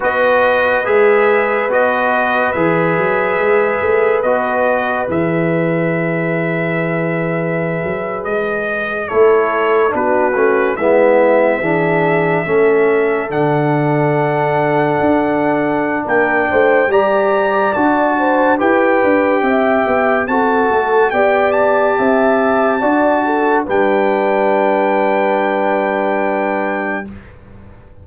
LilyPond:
<<
  \new Staff \with { instrumentName = "trumpet" } { \time 4/4 \tempo 4 = 71 dis''4 e''4 dis''4 e''4~ | e''4 dis''4 e''2~ | e''4.~ e''16 dis''4 cis''4 b'16~ | b'8. e''2. fis''16~ |
fis''2. g''4 | ais''4 a''4 g''2 | a''4 g''8 a''2~ a''8 | g''1 | }
  \new Staff \with { instrumentName = "horn" } { \time 4/4 b'1~ | b'1~ | b'2~ b'8. a'4 fis'16~ | fis'8. e'4 gis'4 a'4~ a'16~ |
a'2. ais'8 c''8 | d''4. c''8 b'4 e''4 | a'4 d''4 e''4 d''8 a'8 | b'1 | }
  \new Staff \with { instrumentName = "trombone" } { \time 4/4 fis'4 gis'4 fis'4 gis'4~ | gis'4 fis'4 gis'2~ | gis'2~ gis'8. e'4 d'16~ | d'16 cis'8 b4 d'4 cis'4 d'16~ |
d'1 | g'4 fis'4 g'2 | fis'4 g'2 fis'4 | d'1 | }
  \new Staff \with { instrumentName = "tuba" } { \time 4/4 b4 gis4 b4 e8 fis8 | gis8 a8 b4 e2~ | e4~ e16 fis8 gis4 a4 b16~ | b16 a8 gis4 e4 a4 d16~ |
d4.~ d16 d'4~ d'16 ais8 a8 | g4 d'4 e'8 d'8 c'8 b8 | c'8 a8 b4 c'4 d'4 | g1 | }
>>